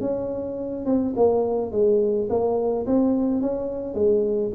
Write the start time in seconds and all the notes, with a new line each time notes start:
0.00 C#4
0.85 C4
1.16 A#3
1.71 G#3
2.29 A#3
2.86 C4
3.41 C#4
3.94 G#3